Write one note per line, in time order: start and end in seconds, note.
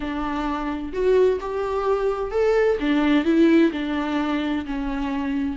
0.00 0.92 D4
0.92 1.39 F#4
1.40 2.31 G4
2.31 2.77 A4
2.80 3.24 D4
3.24 3.71 E4
3.72 4.65 D4
4.65 5.56 C#4